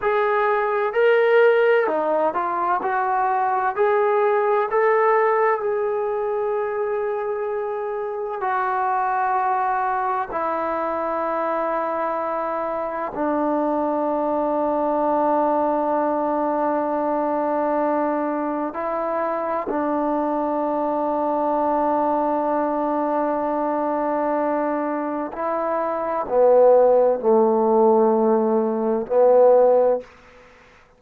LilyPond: \new Staff \with { instrumentName = "trombone" } { \time 4/4 \tempo 4 = 64 gis'4 ais'4 dis'8 f'8 fis'4 | gis'4 a'4 gis'2~ | gis'4 fis'2 e'4~ | e'2 d'2~ |
d'1 | e'4 d'2.~ | d'2. e'4 | b4 a2 b4 | }